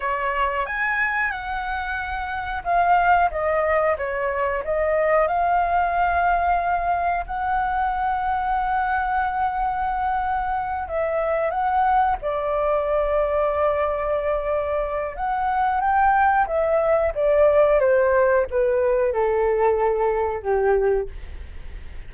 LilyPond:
\new Staff \with { instrumentName = "flute" } { \time 4/4 \tempo 4 = 91 cis''4 gis''4 fis''2 | f''4 dis''4 cis''4 dis''4 | f''2. fis''4~ | fis''1~ |
fis''8 e''4 fis''4 d''4.~ | d''2. fis''4 | g''4 e''4 d''4 c''4 | b'4 a'2 g'4 | }